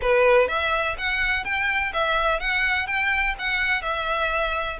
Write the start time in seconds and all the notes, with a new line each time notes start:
0.01 B4
0.47 E5
0.98 F#5
1.44 G5
1.93 E5
2.40 F#5
2.86 G5
3.38 F#5
3.82 E5